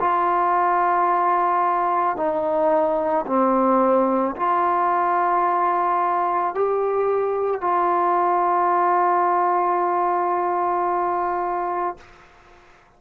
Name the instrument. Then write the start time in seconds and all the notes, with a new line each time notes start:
trombone
0.00 F4
2.17 D#4
3.27 C4
4.36 F4
6.55 G4
7.61 F4